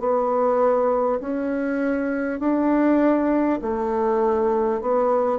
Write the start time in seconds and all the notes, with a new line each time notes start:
0.00 B3
1.21 C#4
2.40 D4
3.62 A3
4.81 B3